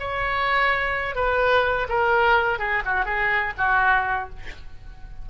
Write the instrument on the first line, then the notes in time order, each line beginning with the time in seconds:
oboe
0.00 C#5
1.16 B4
1.89 A#4
2.60 G#4
2.86 F#4
3.06 G#4
3.58 F#4